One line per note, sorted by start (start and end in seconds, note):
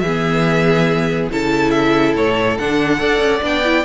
0.00 1.30 E3
0.00 1.30 G#4
0.00 1.28 E5
0.06 1.31 B3
1.31 2.16 C#3
1.31 2.59 E4
1.31 3.00 A4
1.31 1.71 A5
1.71 2.13 E5
2.16 2.58 A2
2.16 2.58 C#5
2.58 3.00 D3
2.58 2.99 D4
2.58 3.43 F#5
2.99 3.19 D4
2.99 3.42 A4
2.99 3.85 D5
3.19 3.41 C#4
3.42 3.85 B3
3.42 3.63 D4
3.42 3.85 G5
3.65 3.85 E4